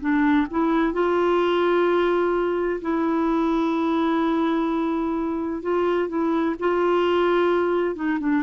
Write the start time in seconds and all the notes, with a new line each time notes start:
0.00 D4
0.50 E4
0.93 F4
2.81 E4
5.62 F4
6.09 E4
6.59 F4
7.95 D#4
8.19 D4